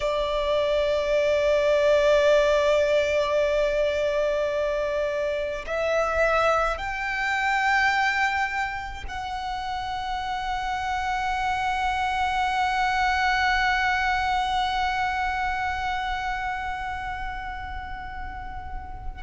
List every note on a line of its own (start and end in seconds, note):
0.00 5.64 D5
5.66 6.77 E5
6.77 9.04 G5
9.08 19.22 F#5